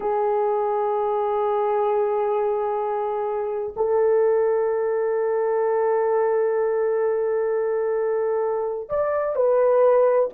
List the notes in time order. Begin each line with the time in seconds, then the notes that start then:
0.00 G#4
3.76 A4
8.89 D5
9.35 B4